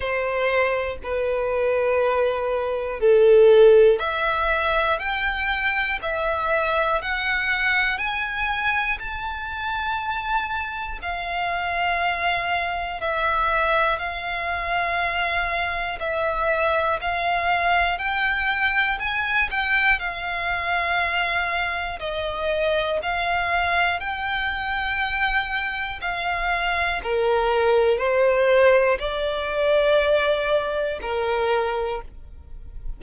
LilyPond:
\new Staff \with { instrumentName = "violin" } { \time 4/4 \tempo 4 = 60 c''4 b'2 a'4 | e''4 g''4 e''4 fis''4 | gis''4 a''2 f''4~ | f''4 e''4 f''2 |
e''4 f''4 g''4 gis''8 g''8 | f''2 dis''4 f''4 | g''2 f''4 ais'4 | c''4 d''2 ais'4 | }